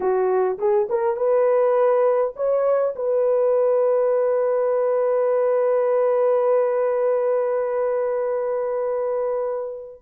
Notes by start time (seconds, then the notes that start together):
0.00 F#4
0.58 G#4
0.89 A#4
1.16 B4
2.36 C#5
2.95 B4